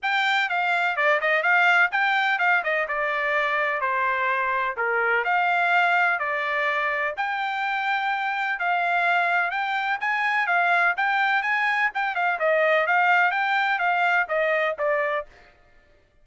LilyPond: \new Staff \with { instrumentName = "trumpet" } { \time 4/4 \tempo 4 = 126 g''4 f''4 d''8 dis''8 f''4 | g''4 f''8 dis''8 d''2 | c''2 ais'4 f''4~ | f''4 d''2 g''4~ |
g''2 f''2 | g''4 gis''4 f''4 g''4 | gis''4 g''8 f''8 dis''4 f''4 | g''4 f''4 dis''4 d''4 | }